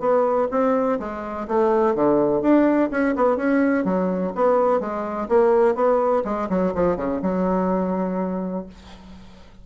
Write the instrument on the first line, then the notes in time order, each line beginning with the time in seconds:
bassoon
0.00 B3
0.51 C4
0.99 G#3
1.48 A3
1.95 D3
2.42 D4
2.91 C#4
3.16 B3
3.37 C#4
3.85 F#3
4.35 B3
4.80 G#3
5.29 A#3
5.75 B3
6.25 G#3
6.50 F#3
6.75 F3
6.97 C#3
7.22 F#3